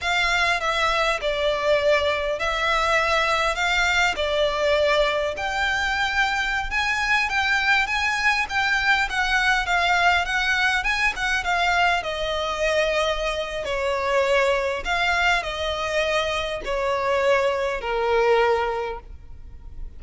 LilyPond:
\new Staff \with { instrumentName = "violin" } { \time 4/4 \tempo 4 = 101 f''4 e''4 d''2 | e''2 f''4 d''4~ | d''4 g''2~ g''16 gis''8.~ | gis''16 g''4 gis''4 g''4 fis''8.~ |
fis''16 f''4 fis''4 gis''8 fis''8 f''8.~ | f''16 dis''2~ dis''8. cis''4~ | cis''4 f''4 dis''2 | cis''2 ais'2 | }